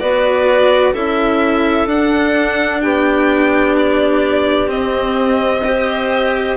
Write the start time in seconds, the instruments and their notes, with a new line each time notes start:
0.00 bassoon B3, cello F#4, clarinet B4, violin D5
0.94 bassoon C#4, cello E4, clarinet A4, violin E5
1.87 bassoon D4, cello D4, violin F#5
2.82 bassoon B3, clarinet G4, violin G5
3.78 violin D5
4.68 cello C4, bassoon C4, violin D#5
5.64 cello G4, clarinet C5